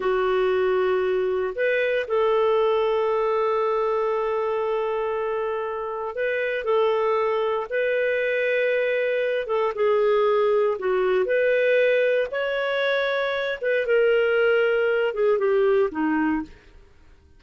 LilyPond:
\new Staff \with { instrumentName = "clarinet" } { \time 4/4 \tempo 4 = 117 fis'2. b'4 | a'1~ | a'1 | b'4 a'2 b'4~ |
b'2~ b'8 a'8 gis'4~ | gis'4 fis'4 b'2 | cis''2~ cis''8 b'8 ais'4~ | ais'4. gis'8 g'4 dis'4 | }